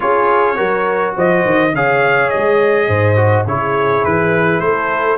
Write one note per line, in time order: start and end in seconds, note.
0.00 0.58 C#4
0.00 0.55 F4
0.00 0.56 G#4
0.00 1.14 C#5
0.55 1.16 F#3
0.55 1.70 F#4
0.55 1.14 A#4
1.16 1.45 F3
1.16 1.74 C5
1.16 1.75 D#5
1.45 1.72 D#3
1.72 2.30 C#3
1.72 3.16 G#4
1.72 2.87 C#5
1.72 2.29 F5
2.29 2.87 G#3
2.29 3.45 D#5
2.87 3.45 G#2
2.87 3.45 C5
3.16 3.45 F#4
3.46 4.03 C#3
3.46 5.18 E4
3.46 4.63 G#4
3.46 4.04 C#5
4.04 4.59 E3
4.04 4.60 B4
4.59 5.17 A3
4.59 5.18 A4
4.59 5.17 C5